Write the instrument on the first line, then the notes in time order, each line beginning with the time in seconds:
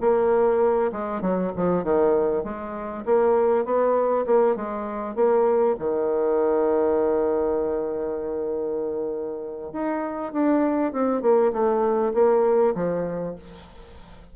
bassoon
0.00 A#3
0.92 G#3
1.21 F#3
1.56 F3
1.83 D#3
2.44 G#3
3.05 A#3
3.64 B3
4.26 A#3
4.55 G#3
5.15 A#3
5.79 D#3
9.72 D#4
10.33 D4
10.92 C4
11.21 A#3
11.52 A3
12.13 A#3
12.74 F3